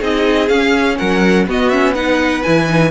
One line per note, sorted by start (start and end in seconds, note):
0.00 0.49 C4
0.00 0.49 D#4
0.00 0.97 G#4
0.00 0.49 D#5
0.49 0.98 C#4
0.49 1.48 C#4
0.49 0.97 F5
0.98 1.47 F#3
0.98 1.47 A#4
0.98 1.47 F#5
1.47 2.44 B3
1.47 1.72 B3
1.47 1.94 F#4
1.47 1.70 D#5
1.70 1.96 C#4
1.70 1.94 E5
1.94 2.44 D#4
1.94 2.91 B4
1.94 2.43 F#5
2.43 2.91 E3
2.43 2.68 E4
2.43 2.91 G#5
2.68 2.91 D#4